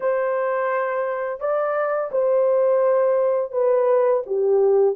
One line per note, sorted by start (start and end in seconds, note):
0.00 1.39 C5
1.39 2.10 D5
2.11 3.52 C5
3.52 4.22 B4
4.26 4.95 G4